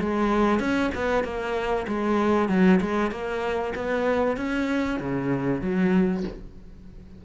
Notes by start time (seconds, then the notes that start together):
0.00 G#3
0.60 C#4
0.95 B3
1.24 A#3
1.88 G#3
2.49 F#3
2.81 G#3
3.11 A#3
3.75 B3
4.37 C#4
5.00 C#3
5.61 F#3